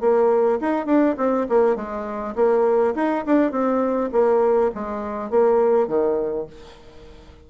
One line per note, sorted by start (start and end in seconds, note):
0.00 0.59 A#3
0.60 0.86 D#4
0.86 1.15 D4
1.17 1.46 C4
1.49 1.75 A#3
1.75 2.34 G#3
2.35 2.94 A#3
2.95 3.24 D#4
3.25 3.51 D4
3.51 4.10 C4
4.12 4.71 A#3
4.74 5.30 G#3
5.30 5.87 A#3
5.87 6.46 D#3